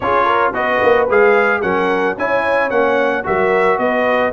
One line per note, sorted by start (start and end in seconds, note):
0.00 0.53 C#4
0.00 0.53 F4
0.00 0.25 G#4
0.00 0.53 C#5
0.25 0.52 A#4
0.53 0.80 B3
0.53 1.07 F#4
0.53 1.61 B4
0.53 1.08 D#5
0.82 1.09 A#3
1.09 1.63 G#3
1.09 1.62 G#4
1.09 1.61 F5
1.61 2.17 F#3
1.61 2.16 C#4
1.61 2.16 A#4
1.61 2.15 F#5
2.17 2.70 C#4
2.17 2.70 E4
2.17 3.25 C#5
2.17 2.69 G#5
2.69 3.24 A#3
2.69 3.23 C#4
2.69 3.24 F#5
3.23 3.78 F#3
3.23 4.31 F#4
3.23 3.79 A#4
3.23 3.78 E5
3.78 4.32 B3
3.78 4.32 B4
3.78 4.32 D#5